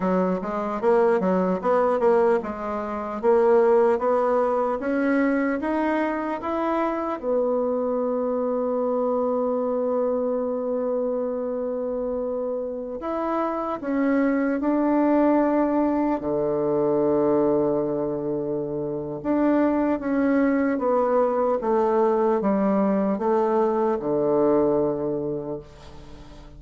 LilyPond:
\new Staff \with { instrumentName = "bassoon" } { \time 4/4 \tempo 4 = 75 fis8 gis8 ais8 fis8 b8 ais8 gis4 | ais4 b4 cis'4 dis'4 | e'4 b2.~ | b1~ |
b16 e'4 cis'4 d'4.~ d'16~ | d'16 d2.~ d8. | d'4 cis'4 b4 a4 | g4 a4 d2 | }